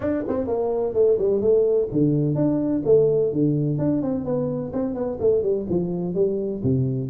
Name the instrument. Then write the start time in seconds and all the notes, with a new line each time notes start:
tuba
0.00 D4
0.28 C4
0.47 A#3
0.93 A3
1.18 G3
1.41 A3
1.92 D3
2.35 D4
2.85 A3
3.32 D3
3.78 D4
4.02 C4
4.24 B3
4.72 C4
4.94 B3
5.19 A3
5.42 G3
5.69 F3
6.14 G3
6.63 C3